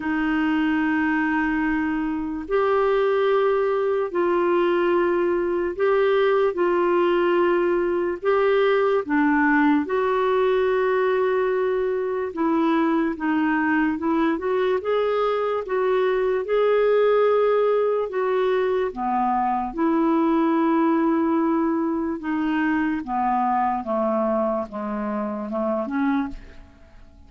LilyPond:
\new Staff \with { instrumentName = "clarinet" } { \time 4/4 \tempo 4 = 73 dis'2. g'4~ | g'4 f'2 g'4 | f'2 g'4 d'4 | fis'2. e'4 |
dis'4 e'8 fis'8 gis'4 fis'4 | gis'2 fis'4 b4 | e'2. dis'4 | b4 a4 gis4 a8 cis'8 | }